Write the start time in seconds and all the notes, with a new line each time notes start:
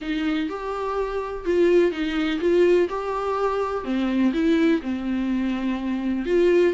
0.01 D#4
0.49 G4
1.45 F4
1.91 D#4
2.40 F4
2.89 G4
3.84 C4
4.33 E4
4.82 C4
6.25 F4